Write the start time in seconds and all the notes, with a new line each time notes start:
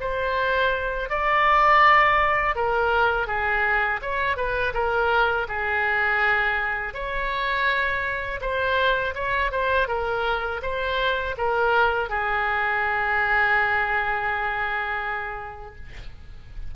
0.00 C5
1.09 D5
2.55 A#4
3.27 G#4
4.02 C#5
4.36 B4
4.74 A#4
5.48 G#4
6.94 C#5
8.41 C5
9.15 C#5
9.52 C5
9.88 A#4
10.62 C5
11.37 A#4
12.09 G#4